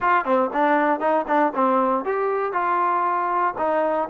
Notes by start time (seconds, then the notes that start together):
0.00 F4
0.24 C4
0.53 D4
1.00 D#4
1.27 D4
1.54 C4
2.05 G4
2.52 F4
3.57 D#4